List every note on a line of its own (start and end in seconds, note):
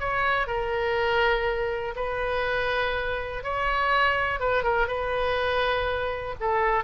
0.00 0.47 C#5
0.47 1.95 A#4
1.96 3.43 B4
3.43 4.40 C#5
4.40 4.63 B4
4.63 4.88 A#4
4.88 6.35 B4
6.40 6.84 A4